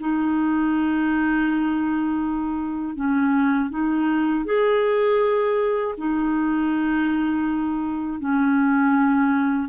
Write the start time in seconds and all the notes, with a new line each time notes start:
0.00 D#4
2.96 C#4
3.70 D#4
4.45 G#4
5.98 D#4
8.20 C#4